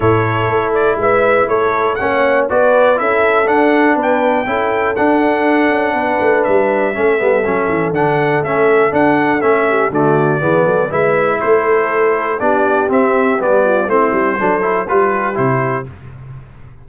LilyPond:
<<
  \new Staff \with { instrumentName = "trumpet" } { \time 4/4 \tempo 4 = 121 cis''4. d''8 e''4 cis''4 | fis''4 d''4 e''4 fis''4 | g''2 fis''2~ | fis''4 e''2. |
fis''4 e''4 fis''4 e''4 | d''2 e''4 c''4~ | c''4 d''4 e''4 d''4 | c''2 b'4 c''4 | }
  \new Staff \with { instrumentName = "horn" } { \time 4/4 a'2 b'4 a'4 | cis''4 b'4 a'2 | b'4 a'2. | b'2 a'2~ |
a'2.~ a'8 g'8 | fis'4 gis'8 a'8 b'4 a'4~ | a'4 g'2~ g'8 f'8 | e'4 a'4 g'2 | }
  \new Staff \with { instrumentName = "trombone" } { \time 4/4 e'1 | cis'4 fis'4 e'4 d'4~ | d'4 e'4 d'2~ | d'2 cis'8 b8 cis'4 |
d'4 cis'4 d'4 cis'4 | a4 b4 e'2~ | e'4 d'4 c'4 b4 | c'4 d'8 e'8 f'4 e'4 | }
  \new Staff \with { instrumentName = "tuba" } { \time 4/4 a,4 a4 gis4 a4 | ais4 b4 cis'4 d'4 | b4 cis'4 d'4. cis'8 | b8 a8 g4 a8 g8 fis8 e8 |
d4 a4 d'4 a4 | d4 e8 fis8 gis4 a4~ | a4 b4 c'4 g4 | a8 g8 fis4 g4 c4 | }
>>